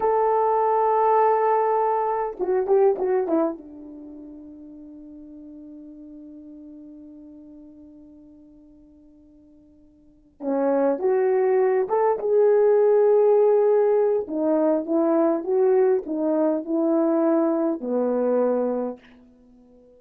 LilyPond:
\new Staff \with { instrumentName = "horn" } { \time 4/4 \tempo 4 = 101 a'1 | fis'8 g'8 fis'8 e'8 d'2~ | d'1~ | d'1~ |
d'4. cis'4 fis'4. | a'8 gis'2.~ gis'8 | dis'4 e'4 fis'4 dis'4 | e'2 b2 | }